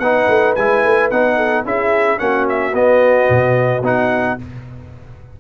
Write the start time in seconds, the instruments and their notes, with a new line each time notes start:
0.00 tuba B3, trombone D#4, horn B4, trumpet F#5
0.29 tuba A3
0.56 tuba G#3, trombone E4, trumpet G#5
0.85 tuba A3
1.11 tuba B3, trombone D#4, trumpet F#5
1.37 horn A4
1.65 tuba C#4, trombone E4, horn G#4, trumpet E5
2.18 tuba A#3, trombone C#4, horn F#4, trumpet F#5
2.49 trumpet E5
2.74 trombone B3, tuba B3, trumpet D#5
3.30 tuba B2
3.82 tuba B3, trombone D#4, trumpet F#5